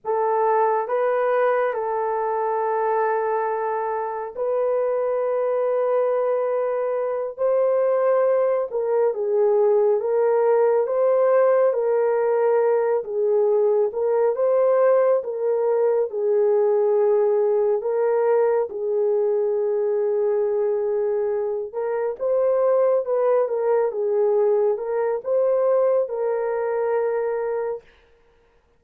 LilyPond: \new Staff \with { instrumentName = "horn" } { \time 4/4 \tempo 4 = 69 a'4 b'4 a'2~ | a'4 b'2.~ | b'8 c''4. ais'8 gis'4 ais'8~ | ais'8 c''4 ais'4. gis'4 |
ais'8 c''4 ais'4 gis'4.~ | gis'8 ais'4 gis'2~ gis'8~ | gis'4 ais'8 c''4 b'8 ais'8 gis'8~ | gis'8 ais'8 c''4 ais'2 | }